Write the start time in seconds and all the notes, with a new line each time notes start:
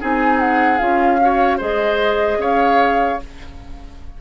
0.00 C4 D#4 G#4 G#5
0.40 F#5
0.78 C#4 F4 F5
1.21 F#4 C#5
1.58 G#3 G#4 C5 D#5
2.38 C#4 C#5 F5